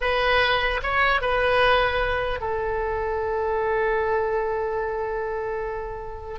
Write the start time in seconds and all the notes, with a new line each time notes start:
0.00 B4
0.82 C#5
1.21 B4
2.40 A4